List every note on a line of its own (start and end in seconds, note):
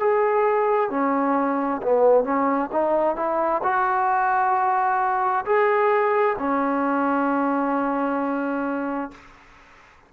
0.00 0.90 G#4
0.90 1.81 C#4
1.83 2.24 B3
2.24 2.70 C#4
2.72 3.17 D#4
3.17 3.62 E4
3.64 5.45 F#4
5.46 6.37 G#4
6.39 9.12 C#4